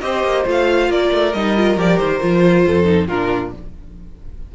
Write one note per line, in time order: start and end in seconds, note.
0.00 0.23 C4
0.00 0.45 G4
0.00 0.90 C5
0.00 0.44 D#5
0.23 0.45 A#3
0.45 0.89 A3
0.45 1.33 F4
0.45 0.91 F5
0.89 1.10 A#3
0.89 2.65 A#4
0.89 1.33 D5
1.12 1.34 A3
1.33 1.77 G3
1.33 1.56 D#4
1.33 1.77 D#5
1.56 1.77 F4
1.77 1.98 F3
1.77 2.21 G4
1.77 1.98 D5
1.98 2.21 D#3
1.98 3.07 C5
2.21 2.66 F3
2.21 2.84 F4
2.66 3.09 F2
2.66 3.08 A4
2.84 3.06 D#4
3.07 3.53 A#2
3.07 3.55 D4
3.07 3.51 F4
3.07 3.51 A#4